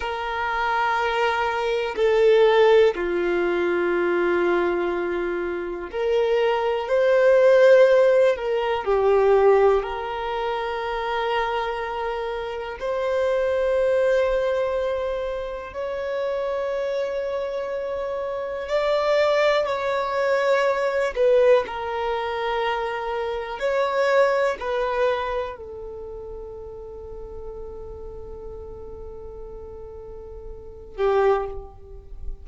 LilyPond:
\new Staff \with { instrumentName = "violin" } { \time 4/4 \tempo 4 = 61 ais'2 a'4 f'4~ | f'2 ais'4 c''4~ | c''8 ais'8 g'4 ais'2~ | ais'4 c''2. |
cis''2. d''4 | cis''4. b'8 ais'2 | cis''4 b'4 a'2~ | a'2.~ a'8 g'8 | }